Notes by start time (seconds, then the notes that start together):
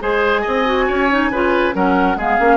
0.00 G#3 G#4 C5 G#5
0.42 C4 D#5
0.65 F#4
0.87 C#4 C#5
1.10 D#4
1.30 C#3 F4 B4
1.74 F#3 C#4 A#4 F#5
2.16 G#3 B3 G#4 F5
2.39 A#3 C#4